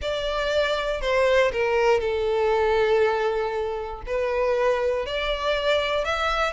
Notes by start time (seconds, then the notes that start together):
0.01 D5
1.01 C5
1.52 A#4
2.00 A4
4.06 B4
5.06 D5
6.05 E5